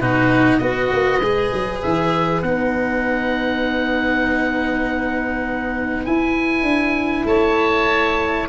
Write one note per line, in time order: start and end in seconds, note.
0.00 0.61 B2
0.00 0.60 D#4
0.00 0.61 F#4
0.00 0.58 B4
0.58 0.91 B3
0.58 1.21 F#4
0.58 7.27 B4
0.58 1.79 D#5
0.92 1.20 A#3
1.20 1.51 G#3
1.20 2.44 G#4
1.54 1.84 F#3
1.83 2.43 E3
1.83 2.42 E5
2.42 6.06 B3
2.42 6.07 D#4
2.42 6.05 F#5
6.05 8.49 E4
6.05 6.63 E4
6.05 7.27 G#5
6.63 7.24 D4
7.25 8.46 A3
7.25 8.49 C#5
7.25 8.48 A5